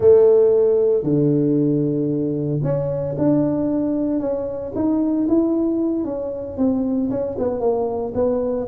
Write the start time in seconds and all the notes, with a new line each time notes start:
0.00 A3
1.03 D3
2.63 C#4
3.17 D4
4.19 C#4
4.75 D#4
5.28 E4
6.04 C#4
6.57 C4
7.10 C#4
7.38 B3
7.60 A#3
8.14 B3